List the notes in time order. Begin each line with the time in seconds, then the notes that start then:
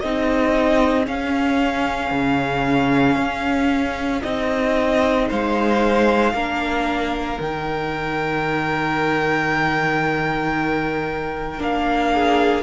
0.00 C4 D#4 G#4 D#5
1.05 C#4 F5
2.11 C#3
3.16 C#4
4.22 C4 D#4 D#5
5.28 G#3 C5 F5
6.33 A#3 D4 A#4
7.37 D#3 D#4 G5
11.58 A#3 D4 F5
12.12 G#4